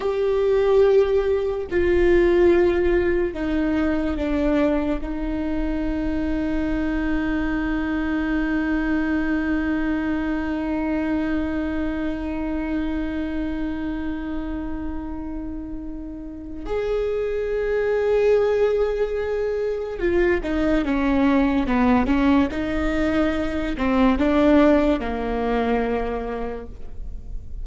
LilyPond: \new Staff \with { instrumentName = "viola" } { \time 4/4 \tempo 4 = 72 g'2 f'2 | dis'4 d'4 dis'2~ | dis'1~ | dis'1~ |
dis'1 | gis'1 | f'8 dis'8 cis'4 b8 cis'8 dis'4~ | dis'8 c'8 d'4 ais2 | }